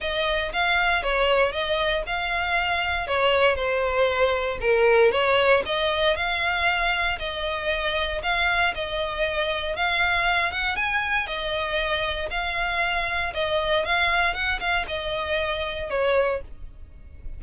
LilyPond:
\new Staff \with { instrumentName = "violin" } { \time 4/4 \tempo 4 = 117 dis''4 f''4 cis''4 dis''4 | f''2 cis''4 c''4~ | c''4 ais'4 cis''4 dis''4 | f''2 dis''2 |
f''4 dis''2 f''4~ | f''8 fis''8 gis''4 dis''2 | f''2 dis''4 f''4 | fis''8 f''8 dis''2 cis''4 | }